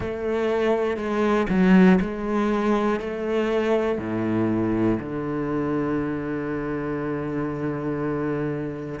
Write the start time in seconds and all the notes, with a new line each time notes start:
0.00 A3
0.96 G#3
1.49 F#3
2.00 G#3
3.00 A3
3.98 A2
5.00 D3